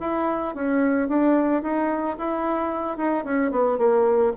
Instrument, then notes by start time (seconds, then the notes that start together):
bassoon
0.00 E4
0.55 C#4
1.08 D4
1.62 D#4
2.17 E4
2.97 D#4
3.24 C#4
3.51 B3
3.78 A#3